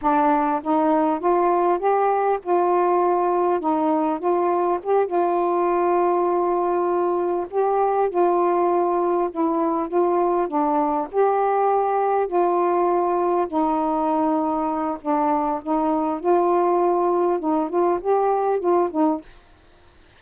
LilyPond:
\new Staff \with { instrumentName = "saxophone" } { \time 4/4 \tempo 4 = 100 d'4 dis'4 f'4 g'4 | f'2 dis'4 f'4 | g'8 f'2.~ f'8~ | f'8 g'4 f'2 e'8~ |
e'8 f'4 d'4 g'4.~ | g'8 f'2 dis'4.~ | dis'4 d'4 dis'4 f'4~ | f'4 dis'8 f'8 g'4 f'8 dis'8 | }